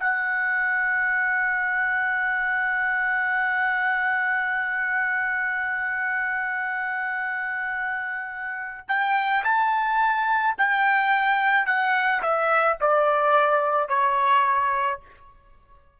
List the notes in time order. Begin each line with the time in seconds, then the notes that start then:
0.00 F#5
8.88 G5
9.44 A5
10.58 G5
11.66 F#5
12.22 E5
12.81 D5
13.88 C#5